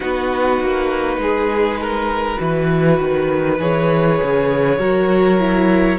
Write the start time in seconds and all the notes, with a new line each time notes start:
0.00 B3 D#4 F#4 B4
0.60 A#3
1.17 G#3 G#4
1.80 A#4
2.37 E3 F#4
2.43 B4
3.00 D#3
3.59 E3 G#4 C#5
4.22 C#3
4.78 F#3 F#4 A#4
5.39 E4